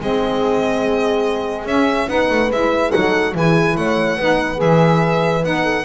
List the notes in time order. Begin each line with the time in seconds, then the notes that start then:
0.00 G#3 C4 G#4 D#5
1.65 C#4 E5
2.08 B3 D#4 B4 F#5
2.30 A3
2.50 G#3 E4 E5
2.91 F#3 D#4 A4 F#5
3.33 E3 E4 G#4 G#5
3.77 A3 C#5 F#5
4.18 B3 D#4 B4
4.57 E3 G#4 E5
5.44 B3 D#4 F#5
5.63 A4